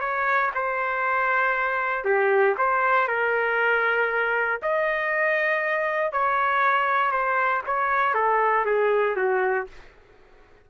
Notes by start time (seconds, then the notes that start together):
0.00 C#5
0.54 C5
2.04 G4
2.57 C5
3.08 A#4
4.62 D#5
6.12 C#5
7.11 C5
7.66 C#5
8.14 A4
8.65 G#4
9.16 F#4